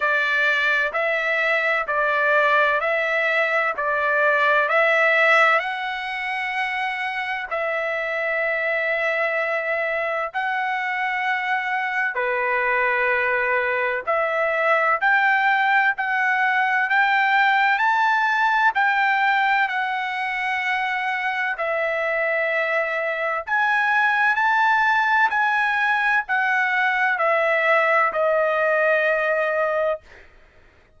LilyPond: \new Staff \with { instrumentName = "trumpet" } { \time 4/4 \tempo 4 = 64 d''4 e''4 d''4 e''4 | d''4 e''4 fis''2 | e''2. fis''4~ | fis''4 b'2 e''4 |
g''4 fis''4 g''4 a''4 | g''4 fis''2 e''4~ | e''4 gis''4 a''4 gis''4 | fis''4 e''4 dis''2 | }